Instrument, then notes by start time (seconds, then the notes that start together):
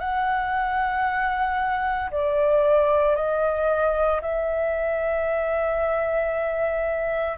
flute
0.00 F#5
2.11 D5
3.16 D#5
4.22 E5